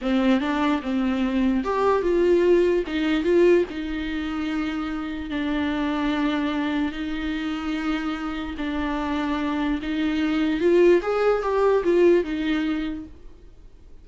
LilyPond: \new Staff \with { instrumentName = "viola" } { \time 4/4 \tempo 4 = 147 c'4 d'4 c'2 | g'4 f'2 dis'4 | f'4 dis'2.~ | dis'4 d'2.~ |
d'4 dis'2.~ | dis'4 d'2. | dis'2 f'4 gis'4 | g'4 f'4 dis'2 | }